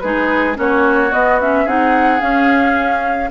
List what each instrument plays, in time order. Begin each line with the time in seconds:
0.00 bassoon G#3, clarinet D#4, oboe G#4, flute B4
0.55 bassoon A#3, clarinet C#4, oboe F#4, flute C#5
1.11 clarinet B3, bassoon B3, flute D#5
1.40 clarinet C#4, flute E5
1.64 bassoon C4, clarinet D#4, oboe G#4, flute F#5
2.20 clarinet C#4, bassoon C#4, flute F5